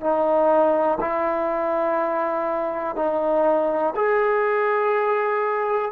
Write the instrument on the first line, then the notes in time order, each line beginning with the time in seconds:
trombone
0.00 D#4
1.00 E4
2.96 D#4
3.96 G#4